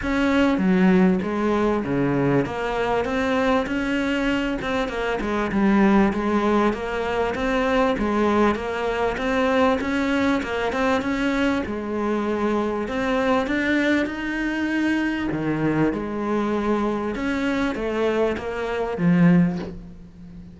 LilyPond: \new Staff \with { instrumentName = "cello" } { \time 4/4 \tempo 4 = 98 cis'4 fis4 gis4 cis4 | ais4 c'4 cis'4. c'8 | ais8 gis8 g4 gis4 ais4 | c'4 gis4 ais4 c'4 |
cis'4 ais8 c'8 cis'4 gis4~ | gis4 c'4 d'4 dis'4~ | dis'4 dis4 gis2 | cis'4 a4 ais4 f4 | }